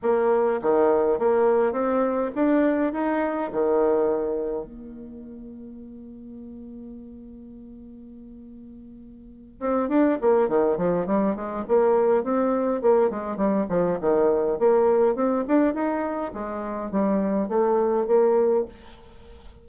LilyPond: \new Staff \with { instrumentName = "bassoon" } { \time 4/4 \tempo 4 = 103 ais4 dis4 ais4 c'4 | d'4 dis'4 dis2 | ais1~ | ais1~ |
ais8 c'8 d'8 ais8 dis8 f8 g8 gis8 | ais4 c'4 ais8 gis8 g8 f8 | dis4 ais4 c'8 d'8 dis'4 | gis4 g4 a4 ais4 | }